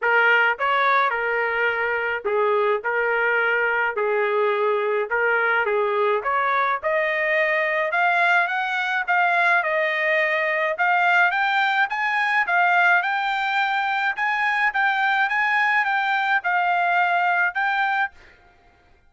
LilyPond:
\new Staff \with { instrumentName = "trumpet" } { \time 4/4 \tempo 4 = 106 ais'4 cis''4 ais'2 | gis'4 ais'2 gis'4~ | gis'4 ais'4 gis'4 cis''4 | dis''2 f''4 fis''4 |
f''4 dis''2 f''4 | g''4 gis''4 f''4 g''4~ | g''4 gis''4 g''4 gis''4 | g''4 f''2 g''4 | }